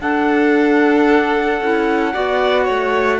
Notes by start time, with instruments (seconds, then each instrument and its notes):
0.00 cello D4, clarinet D4, violin A4, trumpet F#5
1.60 cello C#4, clarinet E4
2.12 cello B3, clarinet F#4, violin D5
2.64 cello A3, violin C#5